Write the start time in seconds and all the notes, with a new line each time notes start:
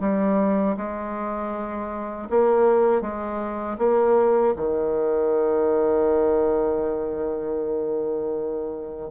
0.00 G3
0.77 G#3
2.30 A#3
3.01 G#3
3.78 A#3
4.56 D#3